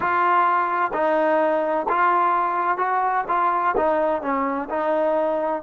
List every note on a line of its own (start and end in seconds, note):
0.00 0.91 F4
0.93 1.87 D#4
1.88 2.77 F4
2.77 3.24 F#4
3.28 3.75 F4
3.76 4.22 D#4
4.22 4.69 C#4
4.69 5.62 D#4